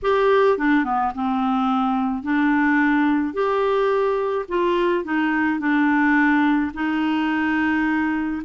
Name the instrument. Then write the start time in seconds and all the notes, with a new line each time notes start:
clarinet
0.02 G4
0.58 D4
0.84 B3
1.14 C4
2.23 D4
3.33 G4
4.48 F4
5.04 D#4
5.59 D4
6.74 D#4